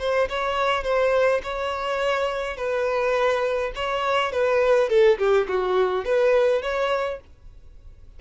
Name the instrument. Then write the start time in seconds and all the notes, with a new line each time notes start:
violin
0.00 C5
0.29 C#5
0.84 C5
1.43 C#5
2.57 B4
3.76 C#5
4.32 B4
4.90 A4
5.19 G4
5.48 F#4
6.05 B4
6.62 C#5